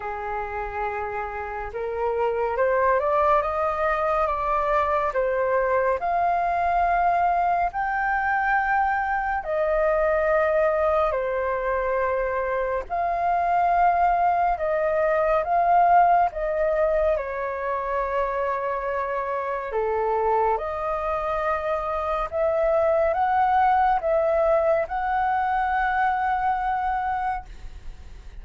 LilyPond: \new Staff \with { instrumentName = "flute" } { \time 4/4 \tempo 4 = 70 gis'2 ais'4 c''8 d''8 | dis''4 d''4 c''4 f''4~ | f''4 g''2 dis''4~ | dis''4 c''2 f''4~ |
f''4 dis''4 f''4 dis''4 | cis''2. a'4 | dis''2 e''4 fis''4 | e''4 fis''2. | }